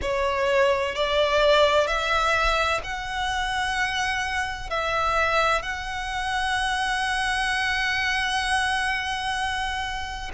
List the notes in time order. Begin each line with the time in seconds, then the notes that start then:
0.01 C#5
0.95 D5
1.87 E5
2.83 F#5
4.70 E5
5.62 F#5